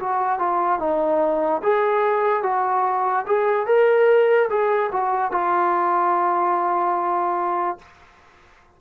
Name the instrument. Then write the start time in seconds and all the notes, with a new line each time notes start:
trombone
0.00 F#4
0.39 F4
0.80 D#4
1.63 G#4
2.43 F#4
3.27 G#4
3.67 A#4
4.50 G#4
4.92 F#4
5.32 F4